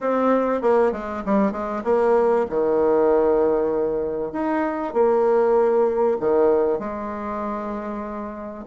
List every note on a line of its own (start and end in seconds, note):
0.00 0.61 C4
0.61 0.92 A#3
0.92 1.23 G#3
1.25 1.52 G3
1.52 1.82 G#3
1.84 2.46 A#3
2.49 4.32 D#3
4.32 4.93 D#4
4.93 6.17 A#3
6.20 6.79 D#3
6.79 8.64 G#3